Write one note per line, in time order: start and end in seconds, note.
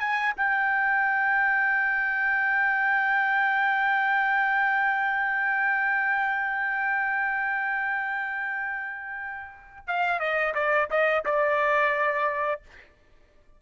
0.00 0.34 G#5
0.37 9.88 G5
9.88 10.20 F5
10.20 10.54 D#5
10.55 10.89 D5
10.91 11.25 D#5
11.26 12.62 D5